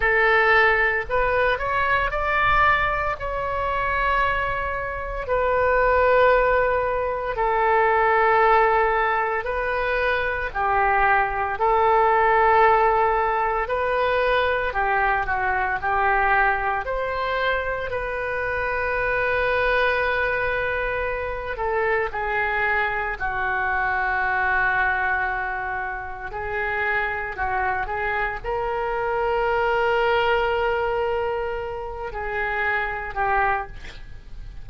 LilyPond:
\new Staff \with { instrumentName = "oboe" } { \time 4/4 \tempo 4 = 57 a'4 b'8 cis''8 d''4 cis''4~ | cis''4 b'2 a'4~ | a'4 b'4 g'4 a'4~ | a'4 b'4 g'8 fis'8 g'4 |
c''4 b'2.~ | b'8 a'8 gis'4 fis'2~ | fis'4 gis'4 fis'8 gis'8 ais'4~ | ais'2~ ais'8 gis'4 g'8 | }